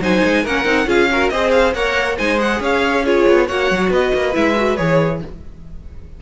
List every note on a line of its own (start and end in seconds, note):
0.00 0.22 F#3
0.00 0.45 D#4
0.00 0.43 C5
0.00 0.46 G#5
0.24 0.45 G#3
0.43 0.65 A#3
0.43 0.65 C#4
0.43 0.87 A#4
0.43 0.89 F#5
0.65 0.86 C4
0.65 0.86 D#4
0.86 1.30 C#4
0.86 1.08 F4
0.86 1.09 G#4
0.86 1.29 F5
1.12 1.31 F#4
1.12 1.32 A#4
1.29 1.73 C4
1.29 1.75 G#4
1.29 1.75 C5
1.29 1.51 D#5
1.51 1.73 F5
1.73 2.17 A#3
1.73 2.19 A#4
1.73 2.17 C#5
1.73 2.17 F#5
2.17 2.60 G#3
2.17 2.38 D#4
2.17 2.60 C5
2.17 2.39 G#5
2.38 3.03 G#4
2.38 2.62 F#5
2.60 3.25 C#4
2.60 3.04 C#5
2.60 3.05 F5
3.04 3.48 F4
3.04 3.47 G#4
3.04 3.48 C#5
3.28 3.50 B3
3.47 3.70 A#3
3.47 4.33 F#4
3.47 3.90 C#5
3.47 3.91 F#5
3.70 3.90 F#3
3.90 4.12 B3
3.90 5.20 B4
3.90 4.35 D#5
4.14 4.36 A#3
4.33 4.78 G#3
4.33 4.54 E4
4.33 4.77 E5
4.56 4.78 F#4
4.77 5.22 E3
4.77 5.21 G#4
4.77 5.20 C#5